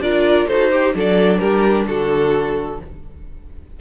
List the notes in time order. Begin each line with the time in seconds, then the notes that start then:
0.00 D4 F4 A#4 D5
0.47 D#4 F#4 A4 C5
0.72 G4
0.94 F#3 D4 A4 D5
1.38 G3 G4 A#4
1.87 D3 F#4 A4